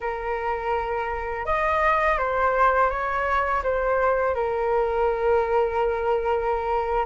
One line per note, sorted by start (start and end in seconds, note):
0.00 1.45 A#4
1.45 2.18 D#5
2.18 2.90 C5
2.90 3.62 C#5
3.63 4.34 C5
4.34 7.05 A#4